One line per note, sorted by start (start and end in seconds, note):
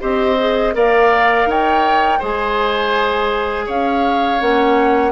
0.00 0.75 C4
0.00 0.37 G4
0.00 0.74 C5
0.00 0.75 D#5
0.39 0.74 G#4
0.74 1.46 A#3
0.74 2.20 A#4
0.74 1.49 D5
0.74 1.50 F5
1.46 2.19 D#4
1.46 2.19 C#5
1.46 2.23 G5
2.19 3.68 G#3
2.19 4.40 G#4
2.19 3.65 C5
2.19 3.70 G#5
3.66 4.41 C#4
3.66 5.12 C#5
3.66 4.41 F5
4.40 5.12 A#3
4.40 5.12 C#4
4.40 5.12 F#5